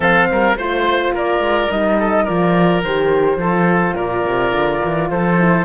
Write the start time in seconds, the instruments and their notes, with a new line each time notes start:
0.00 cello F3, horn C4, oboe A4, flute F5
0.31 cello G3, oboe A#4
0.54 cello A3, horn F4, oboe C5, flute C5
1.13 cello A#3, oboe A#4, flute D5
1.39 cello G#3
1.70 cello G3, horn D#4, flute D#5
1.99 oboe A4
2.23 cello F3, horn F4, oboe A#4, flute D5
2.83 cello D#3, horn G4, flute C5
3.36 cello F3, horn F4, oboe A4
3.95 cello A#2, oboe A#4, flute D5
4.24 cello C3
4.52 cello D3
4.85 cello E3
5.10 cello F3, oboe A4, flute C5
5.37 horn E4